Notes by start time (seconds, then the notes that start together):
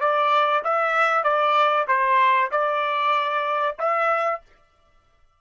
0.00 D5
0.64 E5
1.23 D5
1.88 C5
2.51 D5
3.78 E5